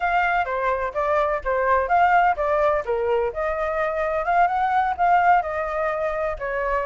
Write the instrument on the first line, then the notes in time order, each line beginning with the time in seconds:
flute
0.00 F5
0.45 C5
0.93 D5
1.44 C5
1.88 F5
2.36 D5
2.85 A#4
3.33 D#5
4.25 F5
4.47 F#5
4.97 F5
5.42 D#5
6.38 C#5